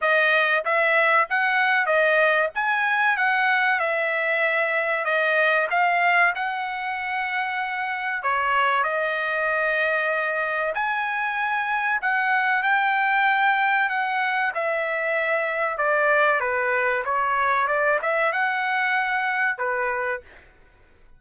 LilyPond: \new Staff \with { instrumentName = "trumpet" } { \time 4/4 \tempo 4 = 95 dis''4 e''4 fis''4 dis''4 | gis''4 fis''4 e''2 | dis''4 f''4 fis''2~ | fis''4 cis''4 dis''2~ |
dis''4 gis''2 fis''4 | g''2 fis''4 e''4~ | e''4 d''4 b'4 cis''4 | d''8 e''8 fis''2 b'4 | }